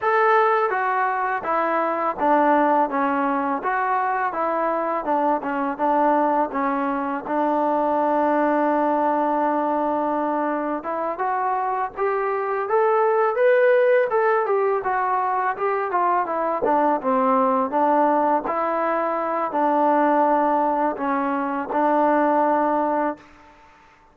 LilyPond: \new Staff \with { instrumentName = "trombone" } { \time 4/4 \tempo 4 = 83 a'4 fis'4 e'4 d'4 | cis'4 fis'4 e'4 d'8 cis'8 | d'4 cis'4 d'2~ | d'2. e'8 fis'8~ |
fis'8 g'4 a'4 b'4 a'8 | g'8 fis'4 g'8 f'8 e'8 d'8 c'8~ | c'8 d'4 e'4. d'4~ | d'4 cis'4 d'2 | }